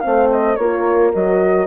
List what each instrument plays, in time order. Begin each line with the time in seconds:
0.00 bassoon A3, horn C4, flute F5
0.06 horn C5
0.31 flute D#5
0.56 bassoon A#3, horn F4 A#4, flute C#5
1.14 bassoon F#3, horn F#4, flute D#5